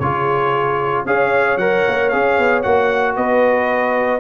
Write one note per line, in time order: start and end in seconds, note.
0.00 1.05 C#3
0.00 1.07 F4
0.00 1.08 G#4
0.00 1.05 C#5
1.05 1.57 C#4
1.05 1.59 G#4
1.05 3.16 C#5
1.05 1.58 F5
1.57 1.83 F#3
1.57 2.12 A#4
1.57 2.09 F#5
1.87 2.13 A#3
2.09 2.39 C#4
2.09 2.64 G#4
2.09 2.62 F5
2.39 2.65 B3
2.63 3.17 A#3
2.63 4.21 F#4
2.63 3.15 F#5
3.16 4.21 B3
3.16 4.21 B4
3.16 4.21 D#5